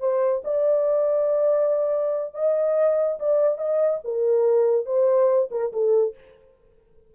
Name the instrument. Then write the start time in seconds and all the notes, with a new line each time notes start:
horn
0.00 C5
0.45 D5
2.35 D#5
3.20 D5
3.58 D#5
4.05 A#4
4.86 C5
5.51 A#4
5.73 A4